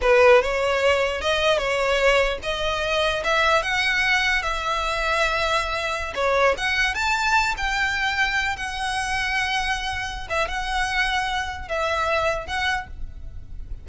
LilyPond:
\new Staff \with { instrumentName = "violin" } { \time 4/4 \tempo 4 = 149 b'4 cis''2 dis''4 | cis''2 dis''2 | e''4 fis''2 e''4~ | e''2.~ e''16 cis''8.~ |
cis''16 fis''4 a''4. g''4~ g''16~ | g''4~ g''16 fis''2~ fis''8.~ | fis''4. e''8 fis''2~ | fis''4 e''2 fis''4 | }